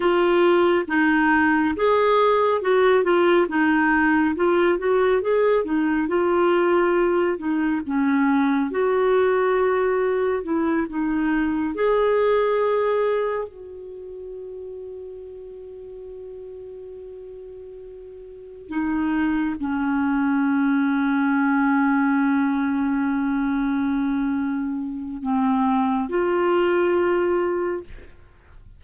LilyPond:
\new Staff \with { instrumentName = "clarinet" } { \time 4/4 \tempo 4 = 69 f'4 dis'4 gis'4 fis'8 f'8 | dis'4 f'8 fis'8 gis'8 dis'8 f'4~ | f'8 dis'8 cis'4 fis'2 | e'8 dis'4 gis'2 fis'8~ |
fis'1~ | fis'4. dis'4 cis'4.~ | cis'1~ | cis'4 c'4 f'2 | }